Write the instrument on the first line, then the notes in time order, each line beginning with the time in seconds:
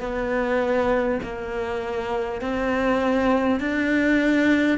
cello
0.00 B3
1.23 A#3
2.41 C4
3.60 D4